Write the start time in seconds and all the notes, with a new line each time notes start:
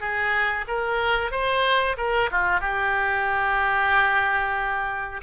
0.00 G#4
0.67 A#4
1.31 C5
1.97 A#4
2.31 F4
2.60 G4